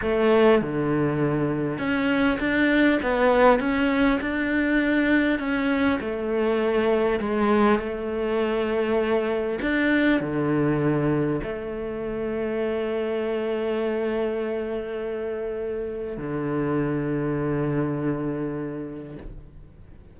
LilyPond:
\new Staff \with { instrumentName = "cello" } { \time 4/4 \tempo 4 = 100 a4 d2 cis'4 | d'4 b4 cis'4 d'4~ | d'4 cis'4 a2 | gis4 a2. |
d'4 d2 a4~ | a1~ | a2. d4~ | d1 | }